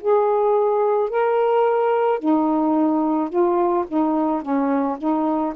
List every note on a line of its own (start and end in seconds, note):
0.00 1.09 G#4
1.09 2.19 A#4
2.19 3.29 D#4
3.29 3.85 F4
3.87 4.42 D#4
4.42 4.97 C#4
4.98 5.54 D#4